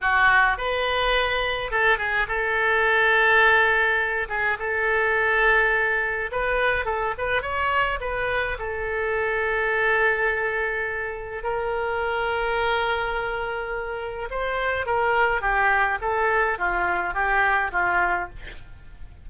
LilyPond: \new Staff \with { instrumentName = "oboe" } { \time 4/4 \tempo 4 = 105 fis'4 b'2 a'8 gis'8 | a'2.~ a'8 gis'8 | a'2. b'4 | a'8 b'8 cis''4 b'4 a'4~ |
a'1 | ais'1~ | ais'4 c''4 ais'4 g'4 | a'4 f'4 g'4 f'4 | }